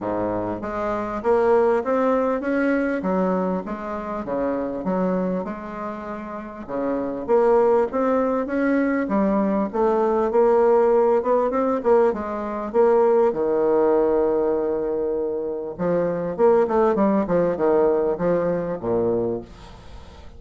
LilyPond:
\new Staff \with { instrumentName = "bassoon" } { \time 4/4 \tempo 4 = 99 gis,4 gis4 ais4 c'4 | cis'4 fis4 gis4 cis4 | fis4 gis2 cis4 | ais4 c'4 cis'4 g4 |
a4 ais4. b8 c'8 ais8 | gis4 ais4 dis2~ | dis2 f4 ais8 a8 | g8 f8 dis4 f4 ais,4 | }